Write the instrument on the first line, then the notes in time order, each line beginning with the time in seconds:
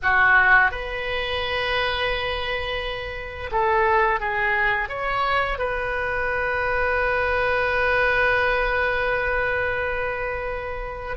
oboe
0.02 F#4
0.71 B4
3.51 A4
4.20 G#4
4.88 C#5
5.58 B4